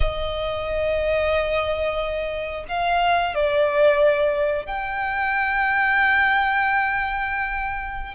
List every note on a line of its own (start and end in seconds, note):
0.00 2.65 D#5
2.68 3.34 F5
3.34 4.65 D5
4.65 8.14 G5